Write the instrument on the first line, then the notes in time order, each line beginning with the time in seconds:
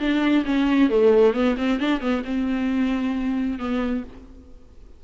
viola
0.00 D4
0.46 C#4
0.90 A3
1.34 B3
1.58 C4
1.80 D4
2.01 B3
2.25 C4
3.59 B3